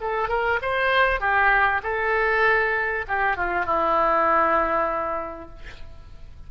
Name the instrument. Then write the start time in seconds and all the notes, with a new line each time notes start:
oboe
0.00 A4
0.28 A#4
0.62 C5
1.20 G4
1.83 A4
3.08 G4
3.36 F4
3.65 E4